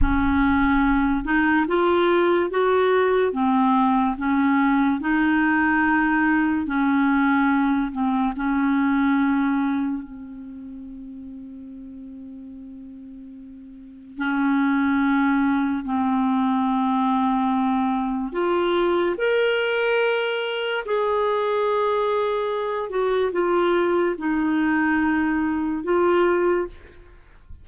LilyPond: \new Staff \with { instrumentName = "clarinet" } { \time 4/4 \tempo 4 = 72 cis'4. dis'8 f'4 fis'4 | c'4 cis'4 dis'2 | cis'4. c'8 cis'2 | c'1~ |
c'4 cis'2 c'4~ | c'2 f'4 ais'4~ | ais'4 gis'2~ gis'8 fis'8 | f'4 dis'2 f'4 | }